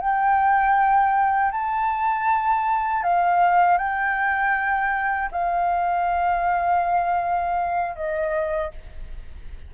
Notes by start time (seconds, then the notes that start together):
0.00 G5
1.51 A5
3.03 F5
3.77 G5
5.31 F5
7.95 D#5